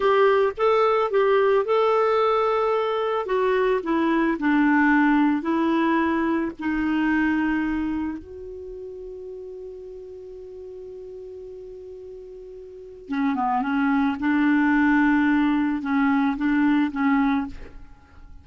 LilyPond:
\new Staff \with { instrumentName = "clarinet" } { \time 4/4 \tempo 4 = 110 g'4 a'4 g'4 a'4~ | a'2 fis'4 e'4 | d'2 e'2 | dis'2. fis'4~ |
fis'1~ | fis'1 | cis'8 b8 cis'4 d'2~ | d'4 cis'4 d'4 cis'4 | }